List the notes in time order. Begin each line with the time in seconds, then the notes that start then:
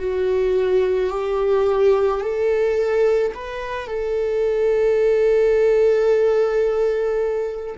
0.00 F#4
1.11 G4
2.22 A4
3.35 B4
3.87 A4